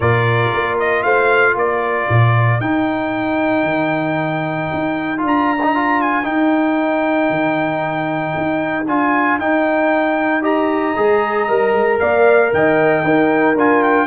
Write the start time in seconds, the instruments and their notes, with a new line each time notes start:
0.00 tuba A#2, trombone F4, horn A#4, trumpet D5
0.53 tuba A#3
0.79 trumpet D#5
1.02 tuba A3, horn C5, trumpet F5
1.55 tuba A#3, horn A#4, trumpet D5
2.09 tuba A#2
2.60 tuba D#4, trombone D#4, trumpet G5
3.63 tuba D#3
4.73 tuba D#4
5.17 tuba D4, trombone F4
5.27 trumpet A#5
5.62 trombone D#4
5.74 trombone F4
6.01 trumpet G#5
6.23 trombone D#4, tuba D#4, trumpet G5
7.29 tuba D#3
8.37 tuba D#4
8.87 tuba D4, trombone F4, trumpet G#5
9.38 tuba D#4, trombone D#4, trumpet G5
10.40 trombone G4, horn D#5, trumpet A#5
10.96 tuba G#3, trombone G#4
11.48 tuba G3, trombone A#4
11.73 tuba G#3
11.99 tuba A#3, horn D5, trumpet F5
12.53 tuba D#3, horn D#5, trumpet G5
13.03 tuba D#4, trombone D#4, horn A#4
13.55 tuba D4, trombone F4, trumpet G#5
13.83 trumpet G5